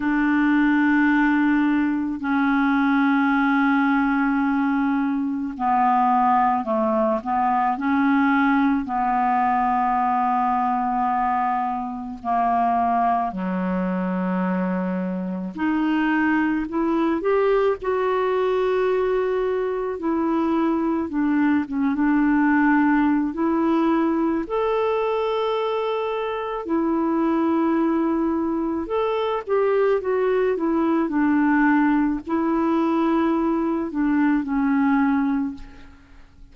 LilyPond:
\new Staff \with { instrumentName = "clarinet" } { \time 4/4 \tempo 4 = 54 d'2 cis'2~ | cis'4 b4 a8 b8 cis'4 | b2. ais4 | fis2 dis'4 e'8 g'8 |
fis'2 e'4 d'8 cis'16 d'16~ | d'4 e'4 a'2 | e'2 a'8 g'8 fis'8 e'8 | d'4 e'4. d'8 cis'4 | }